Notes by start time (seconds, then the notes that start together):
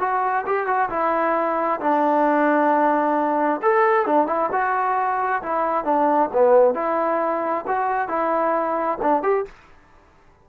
0.00 F#4
0.46 G4
0.67 F#4
0.90 E4
1.81 D4
3.62 A4
4.06 D4
4.27 E4
4.52 F#4
5.43 E4
5.85 D4
6.33 B3
6.75 E4
7.68 F#4
8.09 E4
9.02 D4
9.23 G4